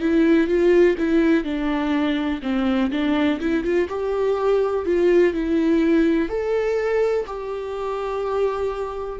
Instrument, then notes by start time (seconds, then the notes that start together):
viola
0.00 E4
0.47 F4
0.98 E4
1.44 D4
2.42 C4
2.91 D4
3.40 E4
3.63 F4
3.88 G4
4.85 F4
5.33 E4
6.29 A4
7.26 G4